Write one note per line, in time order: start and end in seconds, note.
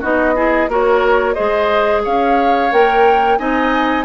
0.00 0.68 B3
0.00 0.35 D#4
0.00 0.34 F#4
0.00 0.70 D#5
0.35 0.69 E4
0.35 0.70 G#4
0.68 1.36 A#3
0.68 1.35 F#4
0.68 1.35 A#4
0.68 1.34 C#5
1.34 2.06 G#3
1.34 2.70 G#4
1.34 2.02 C5
1.34 2.01 D#5
2.04 2.72 C#4
2.04 3.39 C#5
2.04 2.72 F5
2.71 3.39 A#3
2.71 3.38 A#4
2.71 3.38 G5
3.38 4.05 C4
3.38 4.05 D#4
3.38 4.05 D#5
3.38 4.05 G#5